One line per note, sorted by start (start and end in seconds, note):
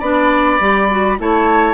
0.00 0.60 B3
0.00 0.60 D4
0.00 1.18 D5
0.00 1.18 B5
0.60 1.19 G3
0.60 0.90 G4
0.90 1.18 F#4
1.18 1.75 A3
1.18 1.75 E4
1.18 1.75 C#5
1.18 1.75 A5